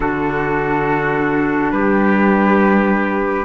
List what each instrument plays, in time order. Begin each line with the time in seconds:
0.00 cello D3, clarinet D4, trumpet F#4, flute A4
1.71 cello G3, trumpet G4, flute B4